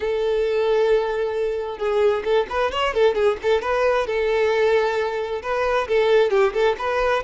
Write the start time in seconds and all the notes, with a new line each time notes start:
0.00 A4
1.78 G#4
2.24 A4
2.49 B4
2.71 C#5
2.93 A4
3.14 G#4
3.42 A4
3.61 B4
4.06 A4
5.42 B4
5.87 A4
6.30 G4
6.53 A4
6.78 B4